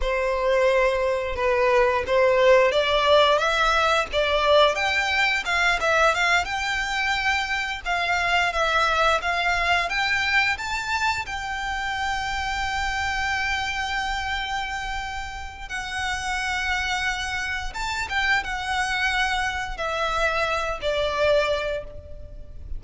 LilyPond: \new Staff \with { instrumentName = "violin" } { \time 4/4 \tempo 4 = 88 c''2 b'4 c''4 | d''4 e''4 d''4 g''4 | f''8 e''8 f''8 g''2 f''8~ | f''8 e''4 f''4 g''4 a''8~ |
a''8 g''2.~ g''8~ | g''2. fis''4~ | fis''2 a''8 g''8 fis''4~ | fis''4 e''4. d''4. | }